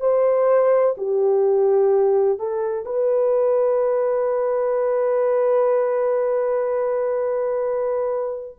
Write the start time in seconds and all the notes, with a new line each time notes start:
0.00 C5
0.97 G4
2.39 A4
2.85 B4